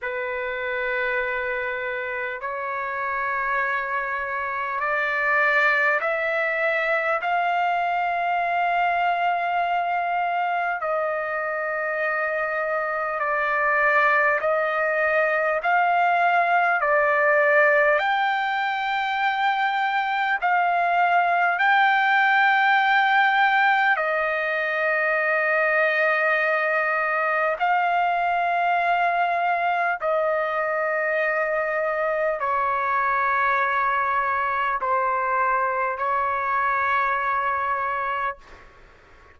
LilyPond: \new Staff \with { instrumentName = "trumpet" } { \time 4/4 \tempo 4 = 50 b'2 cis''2 | d''4 e''4 f''2~ | f''4 dis''2 d''4 | dis''4 f''4 d''4 g''4~ |
g''4 f''4 g''2 | dis''2. f''4~ | f''4 dis''2 cis''4~ | cis''4 c''4 cis''2 | }